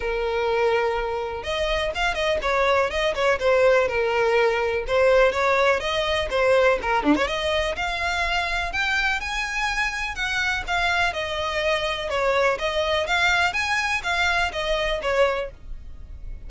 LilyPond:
\new Staff \with { instrumentName = "violin" } { \time 4/4 \tempo 4 = 124 ais'2. dis''4 | f''8 dis''8 cis''4 dis''8 cis''8 c''4 | ais'2 c''4 cis''4 | dis''4 c''4 ais'8 d'16 cis''16 dis''4 |
f''2 g''4 gis''4~ | gis''4 fis''4 f''4 dis''4~ | dis''4 cis''4 dis''4 f''4 | gis''4 f''4 dis''4 cis''4 | }